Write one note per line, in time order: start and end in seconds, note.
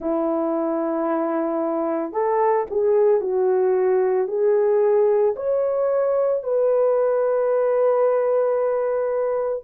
0.00 2.12 E4
2.12 2.65 A4
2.70 3.20 G#4
3.20 4.27 F#4
4.27 5.34 G#4
5.36 6.43 C#5
6.43 9.63 B4